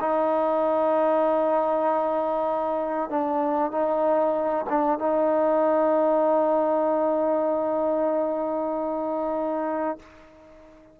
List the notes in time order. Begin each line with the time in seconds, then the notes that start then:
0.00 D#4
3.10 D4
3.71 D#4
4.69 D4
4.99 D#4